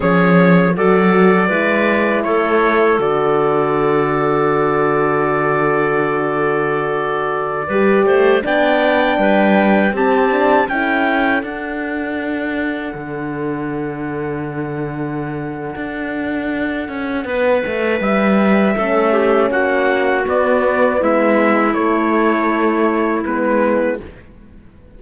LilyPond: <<
  \new Staff \with { instrumentName = "trumpet" } { \time 4/4 \tempo 4 = 80 cis''4 d''2 cis''4 | d''1~ | d''2.~ d''16 g''8.~ | g''4~ g''16 a''4 g''4 fis''8.~ |
fis''1~ | fis''1 | e''2 fis''4 d''4 | e''4 cis''2 b'4 | }
  \new Staff \with { instrumentName = "clarinet" } { \time 4/4 gis'4 a'4 b'4 a'4~ | a'1~ | a'2~ a'16 b'8 c''8 d''8.~ | d''16 b'4 g'4 a'4.~ a'16~ |
a'1~ | a'2. b'4~ | b'4 a'8 g'8 fis'2 | e'1 | }
  \new Staff \with { instrumentName = "horn" } { \time 4/4 cis'4 fis'4 e'2 | fis'1~ | fis'2~ fis'16 g'4 d'8.~ | d'4~ d'16 c'8 d'8 e'4 d'8.~ |
d'1~ | d'1~ | d'4 cis'2 b4~ | b4 a2 b4 | }
  \new Staff \with { instrumentName = "cello" } { \time 4/4 f4 fis4 gis4 a4 | d1~ | d2~ d16 g8 a8 b8.~ | b16 g4 c'4 cis'4 d'8.~ |
d'4~ d'16 d2~ d8.~ | d4 d'4. cis'8 b8 a8 | g4 a4 ais4 b4 | gis4 a2 gis4 | }
>>